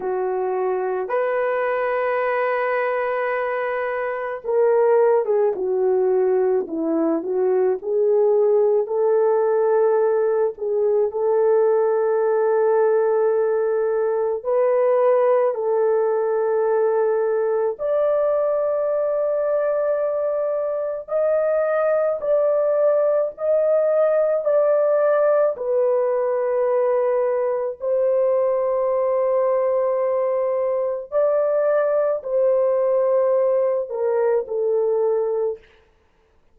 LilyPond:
\new Staff \with { instrumentName = "horn" } { \time 4/4 \tempo 4 = 54 fis'4 b'2. | ais'8. gis'16 fis'4 e'8 fis'8 gis'4 | a'4. gis'8 a'2~ | a'4 b'4 a'2 |
d''2. dis''4 | d''4 dis''4 d''4 b'4~ | b'4 c''2. | d''4 c''4. ais'8 a'4 | }